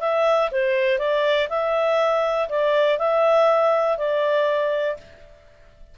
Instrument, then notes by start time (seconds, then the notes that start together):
clarinet
0.00 E5
0.51 C5
0.98 D5
1.49 E5
2.49 D5
2.99 E5
3.98 D5